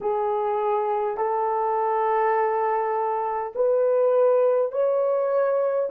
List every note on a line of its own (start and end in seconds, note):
0.00 1.17 G#4
1.17 3.52 A4
3.55 4.72 B4
4.72 5.89 C#5